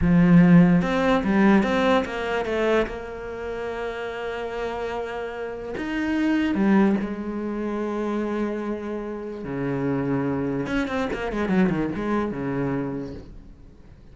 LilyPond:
\new Staff \with { instrumentName = "cello" } { \time 4/4 \tempo 4 = 146 f2 c'4 g4 | c'4 ais4 a4 ais4~ | ais1~ | ais2 dis'2 |
g4 gis2.~ | gis2. cis4~ | cis2 cis'8 c'8 ais8 gis8 | fis8 dis8 gis4 cis2 | }